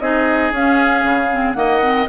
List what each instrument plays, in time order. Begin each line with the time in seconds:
0.00 bassoon C4, clarinet D#4, oboe G#4, flute D#5
0.51 bassoon C#4, clarinet C#4, flute F5
1.03 bassoon C#3
1.32 clarinet C4
1.53 bassoon D#3, clarinet A#3, oboe D#5, flute F#5
1.82 clarinet C4